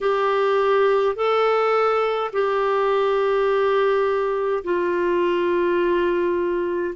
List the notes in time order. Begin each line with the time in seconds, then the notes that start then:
0.01 G4
1.15 A4
2.32 G4
4.64 F4